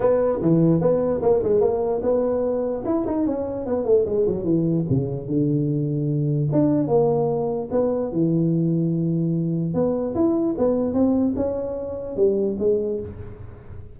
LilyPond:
\new Staff \with { instrumentName = "tuba" } { \time 4/4 \tempo 4 = 148 b4 e4 b4 ais8 gis8 | ais4 b2 e'8 dis'8 | cis'4 b8 a8 gis8 fis8 e4 | cis4 d2. |
d'4 ais2 b4 | e1 | b4 e'4 b4 c'4 | cis'2 g4 gis4 | }